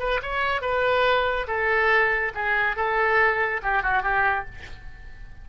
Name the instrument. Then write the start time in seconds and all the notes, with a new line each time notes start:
oboe
0.00 B4
0.23 C#5
0.62 B4
1.48 A4
2.35 G#4
2.77 A4
3.63 G4
3.83 F#4
4.03 G4